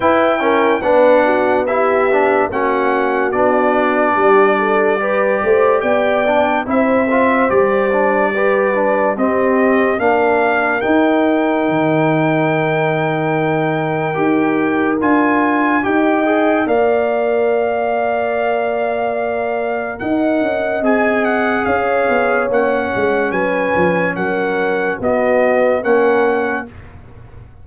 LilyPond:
<<
  \new Staff \with { instrumentName = "trumpet" } { \time 4/4 \tempo 4 = 72 g''4 fis''4 e''4 fis''4 | d''2. g''4 | e''4 d''2 dis''4 | f''4 g''2.~ |
g''2 gis''4 g''4 | f''1 | fis''4 gis''8 fis''8 f''4 fis''4 | gis''4 fis''4 dis''4 fis''4 | }
  \new Staff \with { instrumentName = "horn" } { \time 4/4 b'8 ais'8 b'8 fis'8 g'4 fis'4~ | fis'4 g'8 a'8 b'8 c''8 d''4 | c''2 b'4 g'4 | ais'1~ |
ais'2. dis''4 | d''1 | dis''2 cis''2 | b'4 ais'4 fis'4 ais'4 | }
  \new Staff \with { instrumentName = "trombone" } { \time 4/4 e'8 cis'8 d'4 e'8 d'8 cis'4 | d'2 g'4. d'8 | e'8 f'8 g'8 d'8 g'8 d'8 c'4 | d'4 dis'2.~ |
dis'4 g'4 f'4 g'8 gis'8 | ais'1~ | ais'4 gis'2 cis'4~ | cis'2 b4 cis'4 | }
  \new Staff \with { instrumentName = "tuba" } { \time 4/4 e'4 b2 ais4 | b4 g4. a8 b4 | c'4 g2 c'4 | ais4 dis'4 dis2~ |
dis4 dis'4 d'4 dis'4 | ais1 | dis'8 cis'8 c'4 cis'8 b8 ais8 gis8 | fis8 f8 fis4 b4 ais4 | }
>>